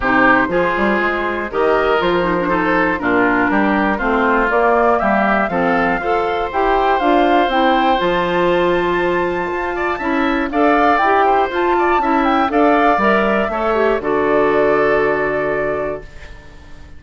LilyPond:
<<
  \new Staff \with { instrumentName = "flute" } { \time 4/4 \tempo 4 = 120 c''2. dis''4 | c''2 ais'2 | c''4 d''4 e''4 f''4~ | f''4 g''4 f''4 g''4 |
a''1~ | a''4 f''4 g''4 a''4~ | a''8 g''8 f''4 e''2 | d''1 | }
  \new Staff \with { instrumentName = "oboe" } { \time 4/4 g'4 gis'2 ais'4~ | ais'4 a'4 f'4 g'4 | f'2 g'4 a'4 | c''1~ |
c''2.~ c''8 d''8 | e''4 d''4. c''4 d''8 | e''4 d''2 cis''4 | a'1 | }
  \new Staff \with { instrumentName = "clarinet" } { \time 4/4 dis'4 f'2 g'4 | f'8 dis'16 d'16 dis'4 d'2 | c'4 ais2 c'4 | a'4 g'4 f'4 e'4 |
f'1 | e'4 a'4 g'4 f'4 | e'4 a'4 ais'4 a'8 g'8 | fis'1 | }
  \new Staff \with { instrumentName = "bassoon" } { \time 4/4 c4 f8 g8 gis4 dis4 | f2 ais,4 g4 | a4 ais4 g4 f4 | f'4 e'4 d'4 c'4 |
f2. f'4 | cis'4 d'4 e'4 f'4 | cis'4 d'4 g4 a4 | d1 | }
>>